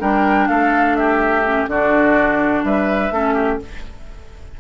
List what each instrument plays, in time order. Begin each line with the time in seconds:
0.00 bassoon G3, clarinet D4, oboe A#4, flute G5
0.48 bassoon A3, oboe A4, flute F5
0.96 oboe G4, flute E5
1.45 clarinet C#4
1.67 bassoon D3, clarinet D4, oboe F#4, flute D5
2.64 bassoon G3, oboe B4, flute E5
3.11 bassoon A3, clarinet C#4, oboe A4
3.34 oboe G4